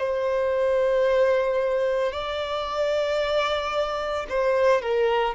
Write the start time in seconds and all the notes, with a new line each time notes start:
0.00 C5
2.12 D5
4.30 C5
4.82 A#4